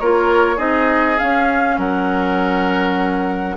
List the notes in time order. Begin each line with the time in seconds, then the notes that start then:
0.00 A#3 F4 A#4 C#5
0.56 C4 D#4 G#4 D#5
1.19 C#4 F5
1.78 F#3 A#4 F#5